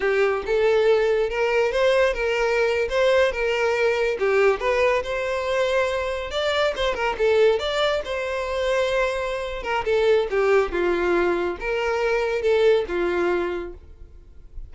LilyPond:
\new Staff \with { instrumentName = "violin" } { \time 4/4 \tempo 4 = 140 g'4 a'2 ais'4 | c''4 ais'4.~ ais'16 c''4 ais'16~ | ais'4.~ ais'16 g'4 b'4 c''16~ | c''2~ c''8. d''4 c''16~ |
c''16 ais'8 a'4 d''4 c''4~ c''16~ | c''2~ c''8 ais'8 a'4 | g'4 f'2 ais'4~ | ais'4 a'4 f'2 | }